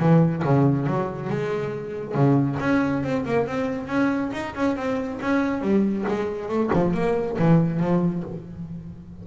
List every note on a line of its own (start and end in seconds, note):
0.00 0.43 E3
0.45 0.87 C#3
0.87 1.30 F#3
1.30 2.15 G#3
2.15 2.58 C#3
2.60 3.04 C#4
3.04 3.25 C4
3.26 3.47 A#3
3.47 3.88 C4
3.88 4.31 C#4
4.33 4.55 D#4
4.55 4.76 C#4
4.76 5.20 C4
5.22 5.62 C#4
5.62 6.06 G3
6.08 6.49 G#3
6.49 6.71 A3
6.74 6.94 F3
6.94 7.38 A#3
7.39 7.80 E3
7.80 8.24 F3